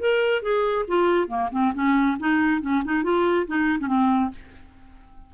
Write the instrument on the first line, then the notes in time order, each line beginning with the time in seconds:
clarinet
0.00 A#4
0.42 G#4
0.88 F4
1.28 A#3
1.52 C4
1.74 C#4
2.20 D#4
2.62 C#4
2.85 D#4
3.03 F4
3.47 D#4
3.80 C#4
3.88 C4